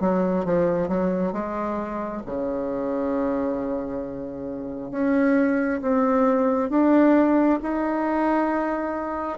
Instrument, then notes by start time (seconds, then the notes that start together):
bassoon
0.00 F#3
0.45 F3
0.88 F#3
1.32 G#3
2.26 C#3
4.91 C#4
5.82 C4
6.70 D4
7.62 D#4